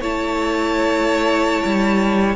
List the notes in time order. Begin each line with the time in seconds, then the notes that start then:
0.00 A3 E4 C#5 A5
1.65 G3